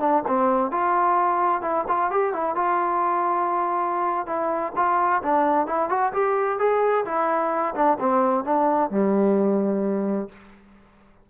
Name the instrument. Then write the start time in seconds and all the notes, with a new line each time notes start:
trombone
0.00 D4
0.27 C4
0.71 F4
1.62 E4
1.88 F4
2.11 G4
2.33 E4
2.55 F4
4.27 E4
4.76 F4
5.23 D4
5.67 E4
5.89 F#4
6.13 G4
6.59 G#4
7.05 E4
7.75 D4
7.99 C4
8.44 D4
8.90 G3